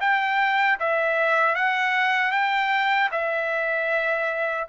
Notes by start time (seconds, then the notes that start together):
0.00 G5
0.79 E5
1.55 F#5
2.31 G5
3.11 E5